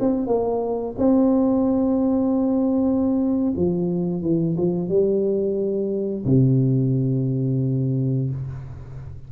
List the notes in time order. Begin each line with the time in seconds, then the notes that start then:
0.00 C4
0.27 A#3
0.98 C4
3.56 F3
4.22 E3
4.57 F3
4.88 G3
6.25 C3